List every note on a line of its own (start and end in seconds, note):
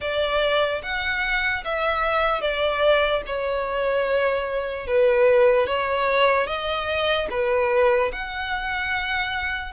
0.00 0.81 D5
0.83 1.64 F#5
1.64 2.41 E5
2.41 3.22 D5
3.26 4.86 C#5
4.86 5.66 B4
5.66 6.46 C#5
6.46 7.28 D#5
7.30 8.11 B4
8.12 9.73 F#5